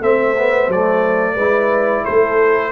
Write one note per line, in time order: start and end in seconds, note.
0.00 0.68 A3
0.00 0.36 C4
0.00 1.34 C5
0.00 0.71 E5
0.38 0.72 B3
0.68 1.36 F#3
0.68 1.39 A3
0.68 2.05 D5
1.34 2.04 G#3
1.34 2.72 E4
1.34 2.03 B4
2.04 2.72 A3
2.04 2.72 A4
2.04 2.72 C5